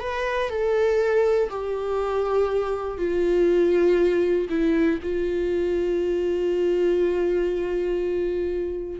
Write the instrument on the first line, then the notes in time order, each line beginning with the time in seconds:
viola
0.00 B4
0.50 A4
1.50 G4
2.98 F4
4.50 E4
5.03 F4